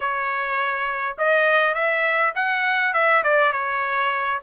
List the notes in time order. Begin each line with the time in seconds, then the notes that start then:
0.00 C#5
1.18 D#5
1.74 E5
2.35 F#5
2.93 E5
3.23 D5
3.52 C#5